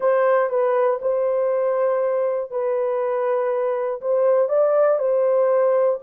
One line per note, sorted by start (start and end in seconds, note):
0.00 0.49 C5
0.49 0.99 B4
1.01 2.50 C5
2.50 4.00 B4
4.01 4.48 C5
4.48 4.98 D5
4.98 5.98 C5